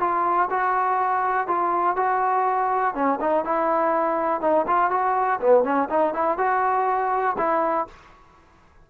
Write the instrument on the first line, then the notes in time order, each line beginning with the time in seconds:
trombone
0.00 F4
0.50 F#4
1.47 F4
1.96 F#4
2.94 C#4
3.20 D#4
3.44 E4
4.41 D#4
4.67 F4
4.91 F#4
5.41 B3
5.64 C#4
5.89 D#4
6.14 E4
6.38 F#4
7.38 E4